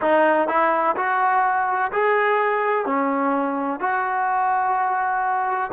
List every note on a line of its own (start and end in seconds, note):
0.01 0.48 D#4
0.48 0.95 E4
0.96 1.91 F#4
1.91 2.85 G#4
2.85 3.80 C#4
3.80 5.70 F#4